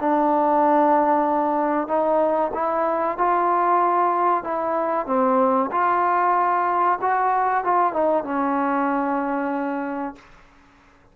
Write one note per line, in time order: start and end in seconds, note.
0.00 1.88 D4
1.88 2.52 D#4
2.54 3.17 E4
3.17 4.43 F4
4.43 5.06 E4
5.06 5.70 C4
5.71 6.99 F4
7.01 7.64 F#4
7.64 7.93 F4
7.93 8.24 D#4
8.24 10.15 C#4